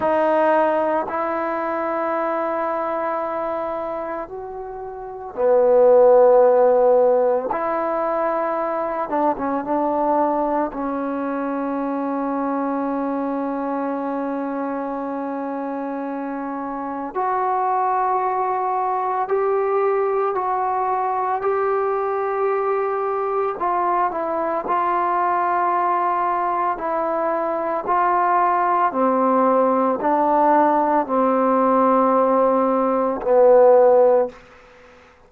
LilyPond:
\new Staff \with { instrumentName = "trombone" } { \time 4/4 \tempo 4 = 56 dis'4 e'2. | fis'4 b2 e'4~ | e'8 d'16 cis'16 d'4 cis'2~ | cis'1 |
fis'2 g'4 fis'4 | g'2 f'8 e'8 f'4~ | f'4 e'4 f'4 c'4 | d'4 c'2 b4 | }